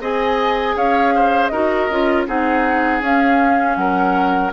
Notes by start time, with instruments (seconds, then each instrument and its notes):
0.00 bassoon C4, clarinet G#4, oboe D#5, flute G#5
0.75 bassoon C#4, oboe C#5, flute F5
1.15 oboe C5
1.47 bassoon D#4, clarinet F#4, oboe A#4, flute D#5
1.89 bassoon C#4, clarinet F4
2.27 bassoon C4, clarinet D#4, oboe G#4, flute F#5
3.01 bassoon C#4, clarinet C#4, flute F5
3.75 bassoon F#3, oboe A#4, flute F#5